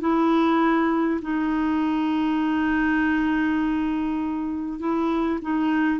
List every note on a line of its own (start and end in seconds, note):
0.00 1.20 E4
1.22 4.79 D#4
4.79 5.39 E4
5.41 5.99 D#4